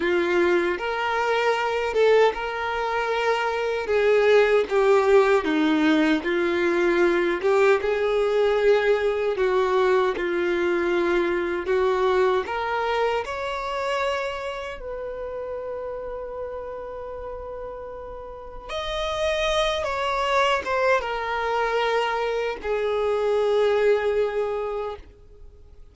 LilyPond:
\new Staff \with { instrumentName = "violin" } { \time 4/4 \tempo 4 = 77 f'4 ais'4. a'8 ais'4~ | ais'4 gis'4 g'4 dis'4 | f'4. g'8 gis'2 | fis'4 f'2 fis'4 |
ais'4 cis''2 b'4~ | b'1 | dis''4. cis''4 c''8 ais'4~ | ais'4 gis'2. | }